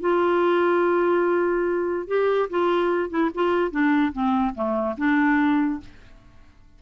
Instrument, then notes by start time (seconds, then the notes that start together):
clarinet
0.00 F4
2.07 G4
2.49 F4
3.09 E4
3.34 F4
3.70 D4
4.12 C4
4.54 A3
4.97 D4